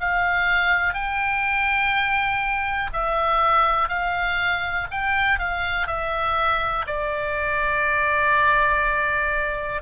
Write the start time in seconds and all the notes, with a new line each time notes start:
0.00 F5
0.93 G5
2.93 E5
3.89 F5
4.91 G5
5.39 F5
5.87 E5
6.87 D5